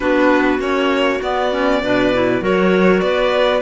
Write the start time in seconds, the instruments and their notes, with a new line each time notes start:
0.00 cello B3, clarinet D4 F#4, violin B4
0.59 cello A#3, clarinet C#4, violin C#5
1.22 clarinet B3, cello B3, violin D5
1.51 clarinet C#4
1.82 cello B2, clarinet D4 B4
2.13 clarinet E4
2.41 cello F#3, clarinet F#4 A#4, violin C#5
3.00 cello B3, clarinet B4, violin D5